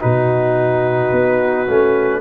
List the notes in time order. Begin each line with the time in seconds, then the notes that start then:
0.00 B2 D#4 F#4 B4
1.11 B3
1.67 A3 C#4